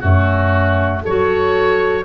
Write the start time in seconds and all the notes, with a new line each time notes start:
0.00 F#2 A3 C#4 F#4
1.01 F#3 F#4 A4 C#5